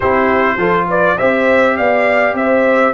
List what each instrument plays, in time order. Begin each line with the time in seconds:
0.00 tuba C4, trombone E4, horn G4, trumpet C5
0.57 tuba F3, trombone F4, horn A4
0.88 horn B4, trumpet D5
1.17 tuba C4, trombone G4, horn C5, trumpet E5
1.76 tuba B3, horn D5, trumpet F5
2.33 tuba C4, horn C5, trumpet E5